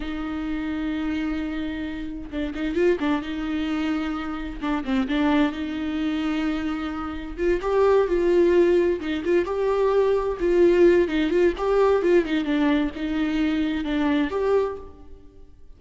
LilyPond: \new Staff \with { instrumentName = "viola" } { \time 4/4 \tempo 4 = 130 dis'1~ | dis'4 d'8 dis'8 f'8 d'8 dis'4~ | dis'2 d'8 c'8 d'4 | dis'1 |
f'8 g'4 f'2 dis'8 | f'8 g'2 f'4. | dis'8 f'8 g'4 f'8 dis'8 d'4 | dis'2 d'4 g'4 | }